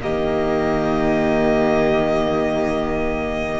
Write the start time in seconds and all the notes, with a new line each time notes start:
0.00 D#3 A#3 G4 D#5